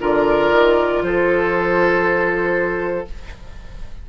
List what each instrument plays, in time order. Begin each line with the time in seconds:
0.00 bassoon D3, clarinet F4, oboe A#4, flute D5
0.51 bassoon D#3
1.02 bassoon F3, oboe A4, flute C5